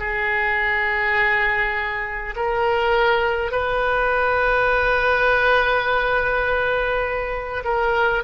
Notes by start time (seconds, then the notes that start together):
0.00 G#4
2.36 A#4
3.52 B4
7.65 A#4